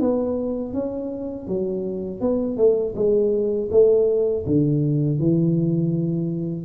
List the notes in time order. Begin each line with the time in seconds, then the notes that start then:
0.00 B3
0.73 C#4
1.47 F#3
2.20 B3
2.57 A3
2.95 G#3
3.71 A3
4.46 D3
5.19 E3